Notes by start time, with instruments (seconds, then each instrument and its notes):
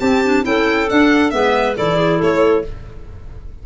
0.00 tuba C4, clarinet C4 G4, violin A5
0.25 clarinet D4
0.43 tuba C#4, clarinet E4 A4, violin G5
0.88 clarinet D4, tuba D4, violin F#5
1.30 tuba G#3, clarinet B3 B4, violin E5
1.76 tuba E3, clarinet E4 A4, violin D5
1.96 clarinet G#4
2.18 tuba A3, clarinet A4, violin C#5